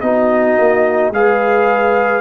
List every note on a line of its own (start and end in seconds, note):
0.00 0.57 B3
0.00 1.13 D#4
0.00 1.13 F#4
0.00 1.11 D#5
0.58 1.10 A#3
1.10 2.21 G#3
1.10 2.21 G#4
1.10 2.21 B4
1.10 2.21 F5